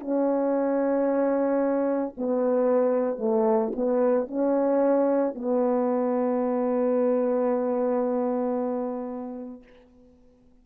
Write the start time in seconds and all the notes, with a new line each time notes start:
0.00 C#4
2.17 B3
3.18 A3
3.75 B3
4.28 C#4
5.34 B3